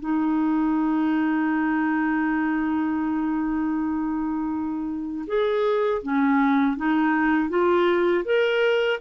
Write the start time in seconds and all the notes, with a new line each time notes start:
0.00 D#4
5.27 G#4
6.02 C#4
6.77 D#4
7.49 F4
8.25 A#4